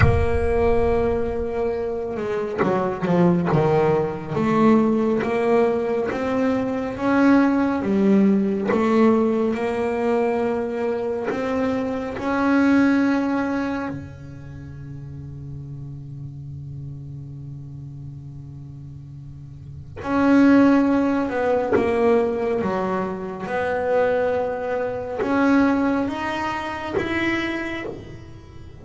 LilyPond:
\new Staff \with { instrumentName = "double bass" } { \time 4/4 \tempo 4 = 69 ais2~ ais8 gis8 fis8 f8 | dis4 a4 ais4 c'4 | cis'4 g4 a4 ais4~ | ais4 c'4 cis'2 |
cis1~ | cis2. cis'4~ | cis'8 b8 ais4 fis4 b4~ | b4 cis'4 dis'4 e'4 | }